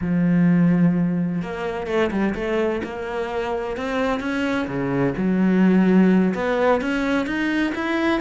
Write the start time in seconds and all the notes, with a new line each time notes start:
0.01 F3
1.42 A#3
1.86 A3
2.11 G3
2.35 A3
2.83 A#3
3.76 C4
4.20 C#4
4.67 C#3
5.17 F#3
6.34 B3
6.81 C#4
7.26 D#4
7.75 E4